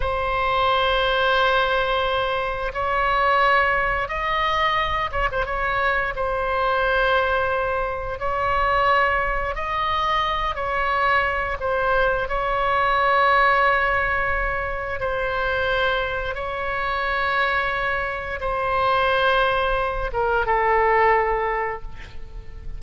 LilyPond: \new Staff \with { instrumentName = "oboe" } { \time 4/4 \tempo 4 = 88 c''1 | cis''2 dis''4. cis''16 c''16 | cis''4 c''2. | cis''2 dis''4. cis''8~ |
cis''4 c''4 cis''2~ | cis''2 c''2 | cis''2. c''4~ | c''4. ais'8 a'2 | }